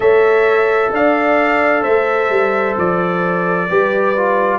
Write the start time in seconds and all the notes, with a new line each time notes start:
0.00 A3 A4 C#5 E5
0.92 D4 D5 F5
1.82 A3 C5 E5
2.29 G3
2.77 F3 D5
3.69 G3 G4 B4
4.16 F4